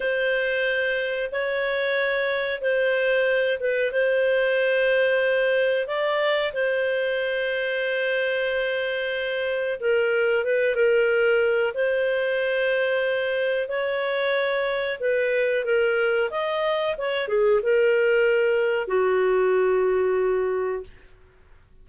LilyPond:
\new Staff \with { instrumentName = "clarinet" } { \time 4/4 \tempo 4 = 92 c''2 cis''2 | c''4. b'8 c''2~ | c''4 d''4 c''2~ | c''2. ais'4 |
b'8 ais'4. c''2~ | c''4 cis''2 b'4 | ais'4 dis''4 cis''8 gis'8 ais'4~ | ais'4 fis'2. | }